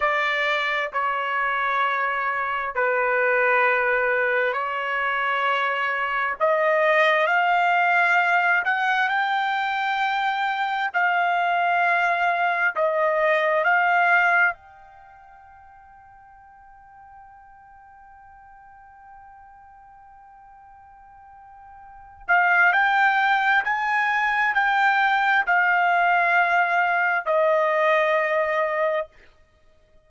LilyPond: \new Staff \with { instrumentName = "trumpet" } { \time 4/4 \tempo 4 = 66 d''4 cis''2 b'4~ | b'4 cis''2 dis''4 | f''4. fis''8 g''2 | f''2 dis''4 f''4 |
g''1~ | g''1~ | g''8 f''8 g''4 gis''4 g''4 | f''2 dis''2 | }